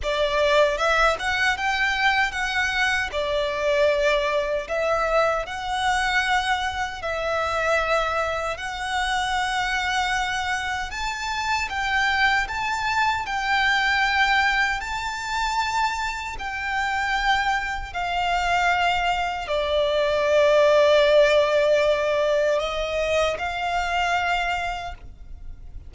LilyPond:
\new Staff \with { instrumentName = "violin" } { \time 4/4 \tempo 4 = 77 d''4 e''8 fis''8 g''4 fis''4 | d''2 e''4 fis''4~ | fis''4 e''2 fis''4~ | fis''2 a''4 g''4 |
a''4 g''2 a''4~ | a''4 g''2 f''4~ | f''4 d''2.~ | d''4 dis''4 f''2 | }